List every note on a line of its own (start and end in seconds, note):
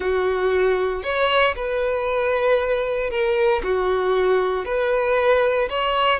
0.00 1.03 F#4
1.03 1.54 C#5
1.55 3.10 B4
3.10 3.62 A#4
3.63 4.65 F#4
4.65 5.68 B4
5.69 6.20 C#5